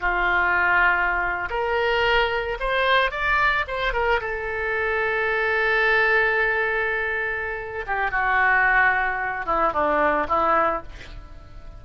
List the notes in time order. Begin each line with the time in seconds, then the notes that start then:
0.00 F4
1.49 A#4
2.60 C5
3.11 D5
3.67 C5
3.93 A#4
4.20 A4
7.86 G4
8.11 F#4
9.46 E4
9.73 D4
10.28 E4